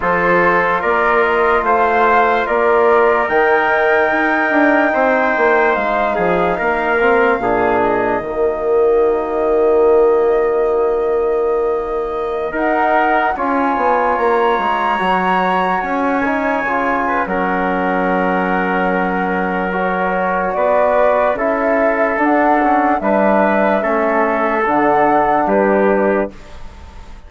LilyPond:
<<
  \new Staff \with { instrumentName = "flute" } { \time 4/4 \tempo 4 = 73 c''4 d''8 dis''8 f''4 d''4 | g''2. f''4~ | f''4. dis''2~ dis''8~ | dis''2.~ dis''16 fis''8.~ |
fis''16 gis''4 ais''2 gis''8.~ | gis''4 fis''2. | cis''4 d''4 e''4 fis''4 | e''2 fis''4 b'4 | }
  \new Staff \with { instrumentName = "trumpet" } { \time 4/4 a'4 ais'4 c''4 ais'4~ | ais'2 c''4. gis'8 | ais'4 gis'4 fis'2~ | fis'2.~ fis'16 ais'8.~ |
ais'16 cis''2.~ cis''8.~ | cis''8. b'16 ais'2.~ | ais'4 b'4 a'2 | b'4 a'2 g'4 | }
  \new Staff \with { instrumentName = "trombone" } { \time 4/4 f'1 | dis'1~ | dis'8 c'8 d'4 ais2~ | ais2.~ ais16 dis'8.~ |
dis'16 f'2 fis'4. dis'16~ | dis'16 f'8. cis'2. | fis'2 e'4 d'8 cis'8 | d'4 cis'4 d'2 | }
  \new Staff \with { instrumentName = "bassoon" } { \time 4/4 f4 ais4 a4 ais4 | dis4 dis'8 d'8 c'8 ais8 gis8 f8 | ais4 ais,4 dis2~ | dis2.~ dis16 dis'8.~ |
dis'16 cis'8 b8 ais8 gis8 fis4 cis'8.~ | cis'16 cis8. fis2.~ | fis4 b4 cis'4 d'4 | g4 a4 d4 g4 | }
>>